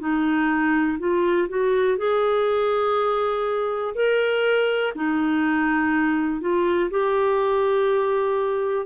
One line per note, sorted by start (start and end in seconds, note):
0.00 0.98 D#4
0.99 1.48 F4
1.49 1.98 F#4
1.98 3.95 G#4
3.95 4.94 A#4
4.96 6.41 D#4
6.41 6.90 F4
6.91 8.87 G4